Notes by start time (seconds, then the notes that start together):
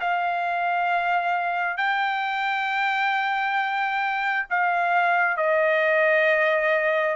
0.00 F5
1.77 G5
4.50 F5
5.37 D#5